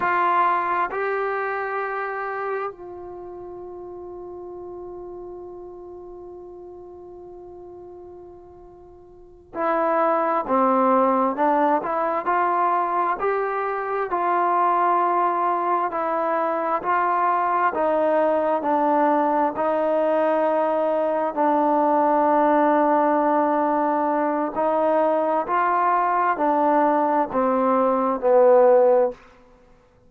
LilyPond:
\new Staff \with { instrumentName = "trombone" } { \time 4/4 \tempo 4 = 66 f'4 g'2 f'4~ | f'1~ | f'2~ f'8 e'4 c'8~ | c'8 d'8 e'8 f'4 g'4 f'8~ |
f'4. e'4 f'4 dis'8~ | dis'8 d'4 dis'2 d'8~ | d'2. dis'4 | f'4 d'4 c'4 b4 | }